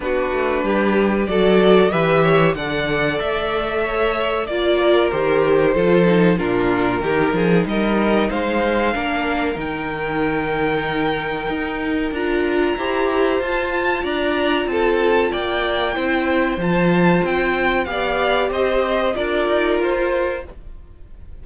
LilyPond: <<
  \new Staff \with { instrumentName = "violin" } { \time 4/4 \tempo 4 = 94 b'2 d''4 e''4 | fis''4 e''2 d''4 | c''2 ais'2 | dis''4 f''2 g''4~ |
g''2. ais''4~ | ais''4 a''4 ais''4 a''4 | g''2 a''4 g''4 | f''4 dis''4 d''4 c''4 | }
  \new Staff \with { instrumentName = "violin" } { \time 4/4 fis'4 g'4 a'4 b'8 cis''8 | d''2 cis''4 d''8 ais'8~ | ais'4 a'4 f'4 g'8 gis'8 | ais'4 c''4 ais'2~ |
ais'1 | c''2 d''4 a'4 | d''4 c''2. | d''4 c''4 ais'2 | }
  \new Staff \with { instrumentName = "viola" } { \time 4/4 d'2 fis'4 g'4 | a'2. f'4 | g'4 f'8 dis'8 d'4 dis'4~ | dis'2 d'4 dis'4~ |
dis'2. f'4 | g'4 f'2.~ | f'4 e'4 f'2 | g'2 f'2 | }
  \new Staff \with { instrumentName = "cello" } { \time 4/4 b8 a8 g4 fis4 e4 | d4 a2 ais4 | dis4 f4 ais,4 dis8 f8 | g4 gis4 ais4 dis4~ |
dis2 dis'4 d'4 | e'4 f'4 d'4 c'4 | ais4 c'4 f4 c'4 | b4 c'4 d'8 dis'8 f'4 | }
>>